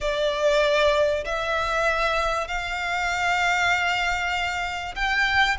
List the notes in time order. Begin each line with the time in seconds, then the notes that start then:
0.00 D5
1.24 E5
2.47 F5
4.95 G5